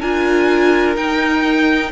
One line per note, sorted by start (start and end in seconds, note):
0.00 0.96 D4
0.00 0.96 F4
0.00 1.90 A#4
0.00 0.96 G#5
0.96 1.91 D#4
0.96 1.91 G5